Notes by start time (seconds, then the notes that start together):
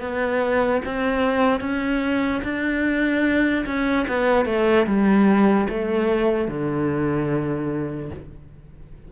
0.00 B3
0.85 C4
1.60 C#4
2.43 D4
3.66 C#4
4.08 B3
4.46 A3
4.86 G3
5.69 A3
6.48 D3